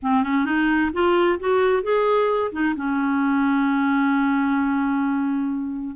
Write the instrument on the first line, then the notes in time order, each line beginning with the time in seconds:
clarinet
0.02 C4
0.23 C#4
0.45 D#4
0.93 F4
1.39 F#4
1.83 G#4
2.51 D#4
2.76 C#4